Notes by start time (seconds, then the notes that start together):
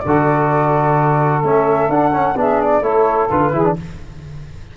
0.00 D3 A4 D5
0.07 F#4
1.44 A3 C#4 E5
1.89 D4 F#5
2.12 C#4
2.36 B3 D4 G#4 E5
2.62 D5
2.82 A3 E4 A4 C#5
3.30 D3 F4 B4
3.53 E3 E4 G#4
3.65 D4